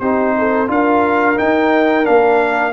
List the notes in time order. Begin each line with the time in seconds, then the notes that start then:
0.00 C4 D#4 G4 C5
0.39 A4
0.67 D4 F4 A#4 F5
1.36 D#4 G5
2.04 A#3 D4 F5